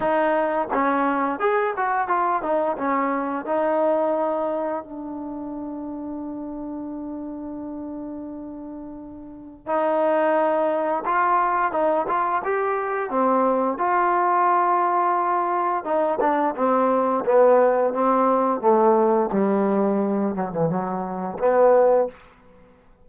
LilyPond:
\new Staff \with { instrumentName = "trombone" } { \time 4/4 \tempo 4 = 87 dis'4 cis'4 gis'8 fis'8 f'8 dis'8 | cis'4 dis'2 d'4~ | d'1~ | d'2 dis'2 |
f'4 dis'8 f'8 g'4 c'4 | f'2. dis'8 d'8 | c'4 b4 c'4 a4 | g4. fis16 e16 fis4 b4 | }